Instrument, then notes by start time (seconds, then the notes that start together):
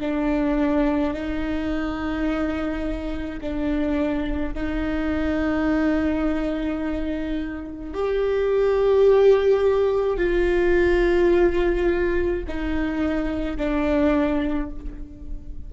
viola
0.00 D4
1.13 D#4
3.41 D4
4.54 D#4
7.93 G4
10.17 F4
12.47 D#4
13.57 D4